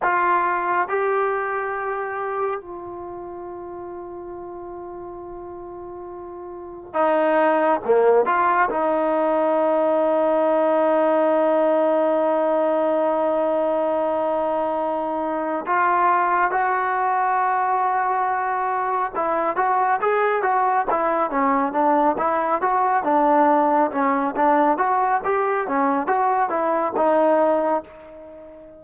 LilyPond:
\new Staff \with { instrumentName = "trombone" } { \time 4/4 \tempo 4 = 69 f'4 g'2 f'4~ | f'1 | dis'4 ais8 f'8 dis'2~ | dis'1~ |
dis'2 f'4 fis'4~ | fis'2 e'8 fis'8 gis'8 fis'8 | e'8 cis'8 d'8 e'8 fis'8 d'4 cis'8 | d'8 fis'8 g'8 cis'8 fis'8 e'8 dis'4 | }